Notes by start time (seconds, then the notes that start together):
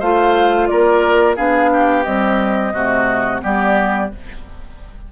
0.00 A3 F4 C5 F5
0.67 A#3 A#4 D5
1.36 B3 D4 G#4 F5
1.73 G4
2.04 G3 C4 D#5
2.74 C3 A3 F#4
3.41 G3 B3 G4 D5